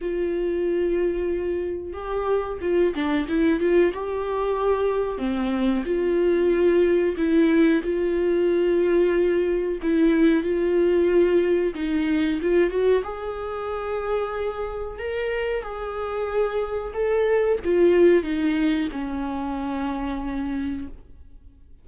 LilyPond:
\new Staff \with { instrumentName = "viola" } { \time 4/4 \tempo 4 = 92 f'2. g'4 | f'8 d'8 e'8 f'8 g'2 | c'4 f'2 e'4 | f'2. e'4 |
f'2 dis'4 f'8 fis'8 | gis'2. ais'4 | gis'2 a'4 f'4 | dis'4 cis'2. | }